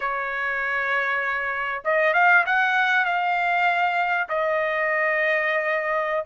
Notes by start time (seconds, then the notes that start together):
0.00 C#5
1.84 D#5
2.13 F5
2.46 F#5
3.05 F5
4.28 D#5